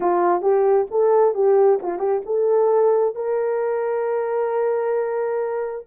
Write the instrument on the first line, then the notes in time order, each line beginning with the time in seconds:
horn
0.00 F4
0.41 G4
0.90 A4
1.34 G4
1.82 F4
1.98 G4
2.25 A4
3.15 A#4